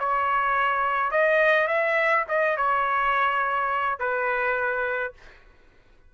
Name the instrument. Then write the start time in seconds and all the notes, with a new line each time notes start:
trumpet
0.00 C#5
1.11 D#5
1.68 E5
2.29 D#5
2.57 C#5
3.99 B4